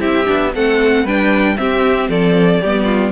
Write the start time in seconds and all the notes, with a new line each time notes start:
0.00 C4 E4 G4 E5
0.25 B3 D4
0.55 A3 C4 A4 F#5
1.04 G3 D4 B4 G5
1.57 C4 G4 E5
2.09 F3 A4 D5
2.61 G3 B3 G4
2.84 F4